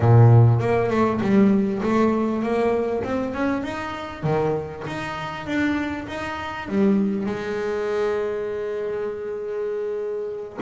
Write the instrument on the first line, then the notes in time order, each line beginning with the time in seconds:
double bass
0.00 A#2
0.60 A#3
0.90 A3
1.21 G3
1.83 A3
2.42 A#3
3.03 C4
3.34 C#4
3.63 D#4
4.23 D#3
4.87 D#4
5.46 D4
6.07 D#4
6.68 G3
7.26 G#3